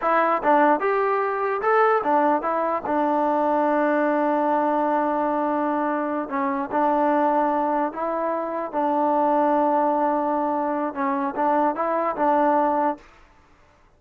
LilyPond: \new Staff \with { instrumentName = "trombone" } { \time 4/4 \tempo 4 = 148 e'4 d'4 g'2 | a'4 d'4 e'4 d'4~ | d'1~ | d'2.~ d'8 cis'8~ |
cis'8 d'2. e'8~ | e'4. d'2~ d'8~ | d'2. cis'4 | d'4 e'4 d'2 | }